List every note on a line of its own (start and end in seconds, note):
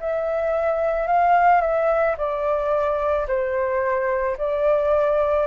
0.00 1.07 E5
1.07 1.61 F5
1.61 2.16 E5
2.18 3.27 D5
3.28 4.37 C5
4.37 5.46 D5